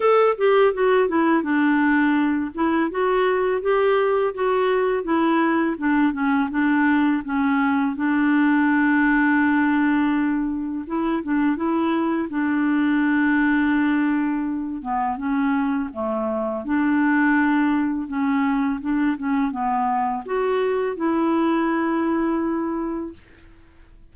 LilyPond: \new Staff \with { instrumentName = "clarinet" } { \time 4/4 \tempo 4 = 83 a'8 g'8 fis'8 e'8 d'4. e'8 | fis'4 g'4 fis'4 e'4 | d'8 cis'8 d'4 cis'4 d'4~ | d'2. e'8 d'8 |
e'4 d'2.~ | d'8 b8 cis'4 a4 d'4~ | d'4 cis'4 d'8 cis'8 b4 | fis'4 e'2. | }